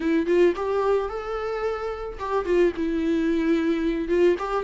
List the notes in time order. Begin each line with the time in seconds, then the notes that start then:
0.00 E4
0.26 F4
0.56 G4
1.09 A4
2.19 G4
2.45 F4
2.76 E4
4.08 F4
4.38 G4